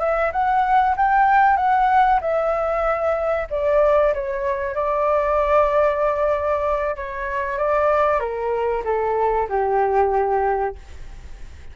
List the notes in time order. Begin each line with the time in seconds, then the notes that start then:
0.00 E5
0.32 F#5
0.96 G5
1.57 F#5
2.21 E5
3.50 D5
4.14 C#5
4.75 D5
6.96 C#5
7.58 D5
8.20 A#4
8.85 A4
9.49 G4